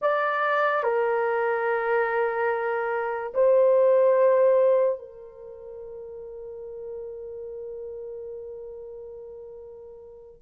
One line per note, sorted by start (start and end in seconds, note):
0.01 0.83 D5
0.83 3.33 A#4
3.33 4.98 C5
4.98 10.40 A#4